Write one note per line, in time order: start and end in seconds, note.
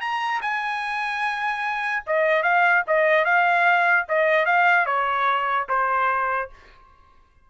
0.00 0.41 A#5
0.41 2.04 G#5
2.06 2.43 D#5
2.43 2.83 F5
2.87 3.25 D#5
3.25 4.06 F5
4.08 4.46 D#5
4.46 4.86 F5
4.86 5.67 C#5
5.69 6.50 C5